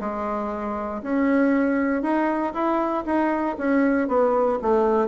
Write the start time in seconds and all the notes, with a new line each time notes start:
0.00 G#3
1.02 C#4
2.02 D#4
2.53 E4
3.05 D#4
3.58 C#4
4.08 B3
4.62 A3